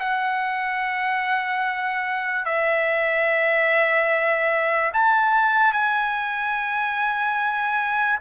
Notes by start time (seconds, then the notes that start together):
0.00 F#5
2.45 E5
4.94 A5
5.73 G#5